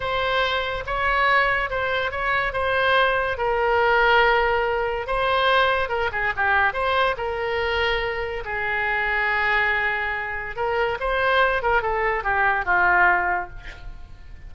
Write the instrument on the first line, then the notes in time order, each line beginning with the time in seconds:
oboe
0.00 C5
0.86 C#5
1.69 C5
2.11 C#5
2.53 C5
3.37 A#4
5.06 C5
5.88 A#4
6.12 G#4
6.36 G4
6.73 C5
7.17 A#4
8.44 G#4
10.56 A#4
11.00 C5
11.62 A#4
11.82 A4
12.23 G4
12.65 F4